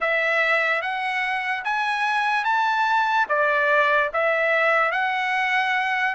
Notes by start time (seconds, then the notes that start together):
0.00 E5
0.81 F#5
1.64 G#5
2.44 A5
3.28 D5
4.13 E5
4.91 F#5